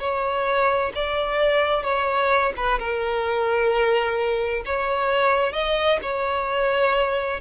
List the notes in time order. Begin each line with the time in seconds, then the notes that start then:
0.00 C#5
0.95 D5
1.84 C#5
2.57 B4
2.79 A#4
4.66 C#5
5.53 D#5
6.03 C#5